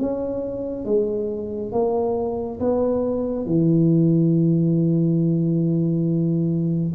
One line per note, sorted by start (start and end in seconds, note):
0.00 0.86 C#4
0.86 1.73 G#3
1.73 2.60 A#3
2.60 3.47 B3
3.47 6.94 E3